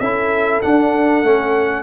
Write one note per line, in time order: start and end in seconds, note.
0.00 0.62 C#4
0.00 0.63 E4
0.00 1.83 A4
0.00 0.61 E5
0.62 1.24 D4
0.62 1.23 D4
0.62 1.83 F#5
1.23 1.83 A3
1.23 1.83 C#4